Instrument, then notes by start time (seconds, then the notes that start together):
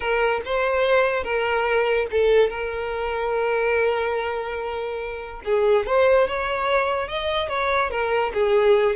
violin
0.00 A#4
0.45 C5
1.23 A#4
2.11 A4
2.50 A#4
5.44 G#4
5.86 C5
6.27 C#5
7.07 D#5
7.48 C#5
7.90 A#4
8.33 G#4